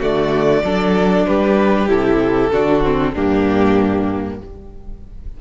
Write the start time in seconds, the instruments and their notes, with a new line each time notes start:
0.00 cello D3, viola A3, violin F#4 D5
0.64 cello F#3, viola D4, violin A4
1.27 cello G3, violin G4 B4
1.88 cello C3, viola E4, violin A4
2.53 cello D3, viola D4, violin F#4
2.84 viola C4
3.13 cello G2, viola A#3, violin D4 G4